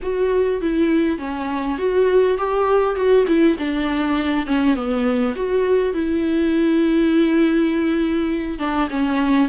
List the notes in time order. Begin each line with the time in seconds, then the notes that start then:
0.02 F#4
0.61 E4
1.18 C#4
1.78 F#4
2.37 G4
2.95 F#4
3.27 E4
3.58 D4
4.46 C#4
4.75 B3
5.35 F#4
5.93 E4
8.58 D4
8.90 C#4